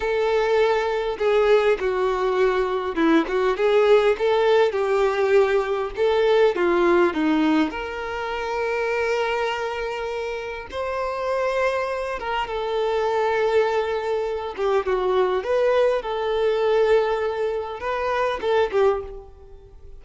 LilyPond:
\new Staff \with { instrumentName = "violin" } { \time 4/4 \tempo 4 = 101 a'2 gis'4 fis'4~ | fis'4 e'8 fis'8 gis'4 a'4 | g'2 a'4 f'4 | dis'4 ais'2.~ |
ais'2 c''2~ | c''8 ais'8 a'2.~ | a'8 g'8 fis'4 b'4 a'4~ | a'2 b'4 a'8 g'8 | }